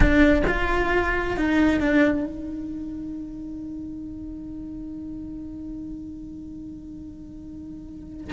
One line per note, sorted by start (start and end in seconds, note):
0.00 0.42 D4
0.47 1.36 F4
1.36 1.80 D#4
1.80 2.25 D4
2.25 8.33 D#4